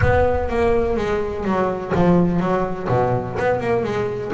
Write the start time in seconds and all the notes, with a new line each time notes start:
0.01 B3
0.49 A#3
0.96 G#3
1.44 F#3
1.94 F3
2.40 F#3
2.88 B2
3.38 B3
3.60 A#3
3.83 G#3